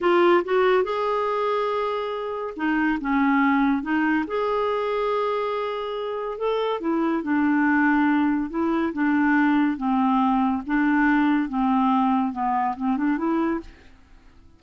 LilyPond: \new Staff \with { instrumentName = "clarinet" } { \time 4/4 \tempo 4 = 141 f'4 fis'4 gis'2~ | gis'2 dis'4 cis'4~ | cis'4 dis'4 gis'2~ | gis'2. a'4 |
e'4 d'2. | e'4 d'2 c'4~ | c'4 d'2 c'4~ | c'4 b4 c'8 d'8 e'4 | }